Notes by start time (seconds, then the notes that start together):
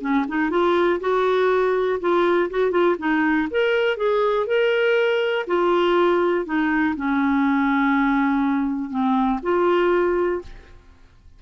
0.00 C#4
0.28 D#4
0.50 F4
1.00 F#4
2.00 F4
2.50 F#4
2.71 F4
2.98 D#4
3.50 A#4
3.96 G#4
4.46 A#4
5.47 F4
6.45 D#4
6.96 C#4
8.90 C4
9.42 F4